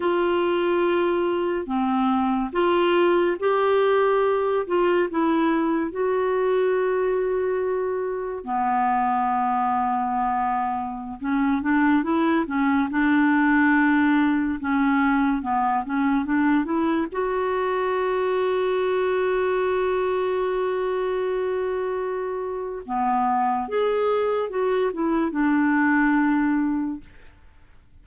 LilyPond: \new Staff \with { instrumentName = "clarinet" } { \time 4/4 \tempo 4 = 71 f'2 c'4 f'4 | g'4. f'8 e'4 fis'4~ | fis'2 b2~ | b4~ b16 cis'8 d'8 e'8 cis'8 d'8.~ |
d'4~ d'16 cis'4 b8 cis'8 d'8 e'16~ | e'16 fis'2.~ fis'8.~ | fis'2. b4 | gis'4 fis'8 e'8 d'2 | }